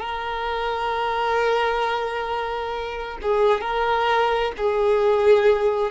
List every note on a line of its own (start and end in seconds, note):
0.00 3.18 A#4
3.22 3.61 G#4
3.61 4.52 A#4
4.57 5.91 G#4